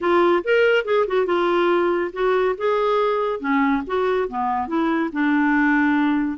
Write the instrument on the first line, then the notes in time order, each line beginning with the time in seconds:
clarinet
0.00 F4
0.44 A#4
0.84 G#4
1.07 F#4
1.26 F4
2.13 F#4
2.57 G#4
3.39 C#4
3.86 F#4
4.28 B3
4.67 E4
5.12 D4